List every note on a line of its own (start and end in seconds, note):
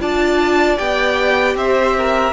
0.00 0.78 D4
0.00 0.77 F4
0.00 1.57 D5
0.00 0.78 A5
0.77 1.55 B3
0.77 2.33 G4
0.77 1.56 G5
1.55 2.33 C4
1.55 1.97 C5
1.55 2.33 E5
1.98 2.33 A#4